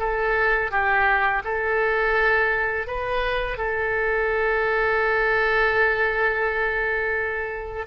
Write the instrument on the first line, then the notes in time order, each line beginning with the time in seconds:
oboe
0.00 A4
0.72 G4
1.45 A4
2.88 B4
3.58 A4